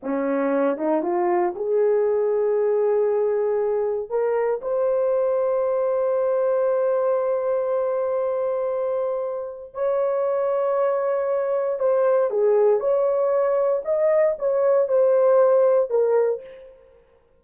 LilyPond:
\new Staff \with { instrumentName = "horn" } { \time 4/4 \tempo 4 = 117 cis'4. dis'8 f'4 gis'4~ | gis'1 | ais'4 c''2.~ | c''1~ |
c''2. cis''4~ | cis''2. c''4 | gis'4 cis''2 dis''4 | cis''4 c''2 ais'4 | }